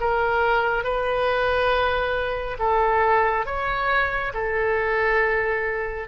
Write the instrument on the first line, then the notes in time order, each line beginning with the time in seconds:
oboe
0.00 A#4
0.83 B4
2.59 A4
3.45 C#5
4.34 A4